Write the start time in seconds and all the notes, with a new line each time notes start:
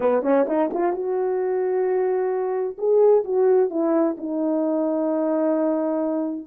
0.00 B3
0.22 C#4
0.47 D#4
0.73 F4
0.92 F#4
2.78 G#4
3.24 F#4
3.69 E4
4.17 D#4